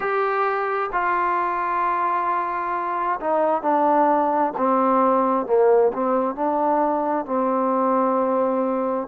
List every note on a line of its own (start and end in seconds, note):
0.00 0.90 G4
0.92 3.19 F4
3.20 3.62 D#4
3.62 4.52 D4
4.57 5.46 C4
5.46 5.91 A#3
5.93 6.35 C4
6.35 7.25 D4
7.25 9.07 C4